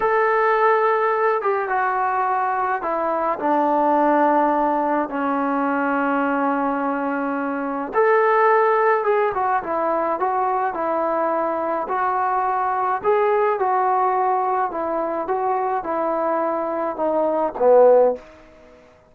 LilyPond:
\new Staff \with { instrumentName = "trombone" } { \time 4/4 \tempo 4 = 106 a'2~ a'8 g'8 fis'4~ | fis'4 e'4 d'2~ | d'4 cis'2.~ | cis'2 a'2 |
gis'8 fis'8 e'4 fis'4 e'4~ | e'4 fis'2 gis'4 | fis'2 e'4 fis'4 | e'2 dis'4 b4 | }